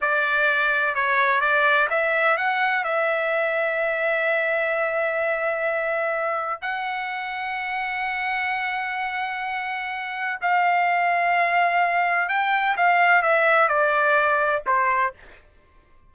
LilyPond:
\new Staff \with { instrumentName = "trumpet" } { \time 4/4 \tempo 4 = 127 d''2 cis''4 d''4 | e''4 fis''4 e''2~ | e''1~ | e''2 fis''2~ |
fis''1~ | fis''2 f''2~ | f''2 g''4 f''4 | e''4 d''2 c''4 | }